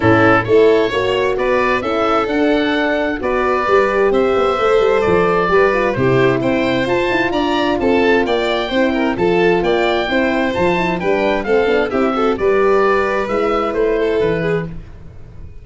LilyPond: <<
  \new Staff \with { instrumentName = "oboe" } { \time 4/4 \tempo 4 = 131 a'4 cis''2 d''4 | e''4 fis''2 d''4~ | d''4 e''2 d''4~ | d''4 c''4 g''4 a''4 |
ais''4 a''4 g''2 | a''4 g''2 a''4 | g''4 f''4 e''4 d''4~ | d''4 e''4 c''4 b'4 | }
  \new Staff \with { instrumentName = "violin" } { \time 4/4 e'4 a'4 cis''4 b'4 | a'2. b'4~ | b'4 c''2. | b'4 g'4 c''2 |
d''4 a'4 d''4 c''8 ais'8 | a'4 d''4 c''2 | b'4 a'4 g'8 a'8 b'4~ | b'2~ b'8 a'4 gis'8 | }
  \new Staff \with { instrumentName = "horn" } { \time 4/4 cis'4 e'4 fis'2 | e'4 d'2 fis'4 | g'2 a'2 | g'8 f'8 e'2 f'4~ |
f'2. e'4 | f'2 e'4 f'8 e'8 | d'4 c'8 d'8 e'8 fis'8 g'4~ | g'4 e'2. | }
  \new Staff \with { instrumentName = "tuba" } { \time 4/4 a,4 a4 ais4 b4 | cis'4 d'2 b4 | g4 c'8 b8 a8 g8 f4 | g4 c4 c'4 f'8 e'8 |
d'4 c'4 ais4 c'4 | f4 ais4 c'4 f4 | g4 a8 b8 c'4 g4~ | g4 gis4 a4 e4 | }
>>